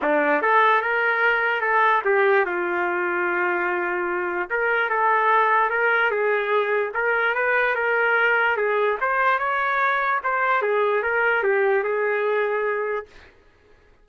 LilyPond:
\new Staff \with { instrumentName = "trumpet" } { \time 4/4 \tempo 4 = 147 d'4 a'4 ais'2 | a'4 g'4 f'2~ | f'2. ais'4 | a'2 ais'4 gis'4~ |
gis'4 ais'4 b'4 ais'4~ | ais'4 gis'4 c''4 cis''4~ | cis''4 c''4 gis'4 ais'4 | g'4 gis'2. | }